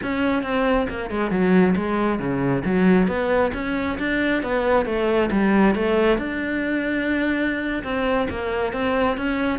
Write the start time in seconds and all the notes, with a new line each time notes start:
0.03 C#4
0.42 C4
0.89 A#3
1.10 G#3
1.30 F#3
1.75 G#3
2.19 C#3
2.65 F#3
3.07 B3
3.53 C#4
3.98 D4
4.43 B3
4.85 A3
5.31 G3
5.75 A3
6.17 D4
7.83 C4
8.29 A#3
8.73 C4
9.17 C#4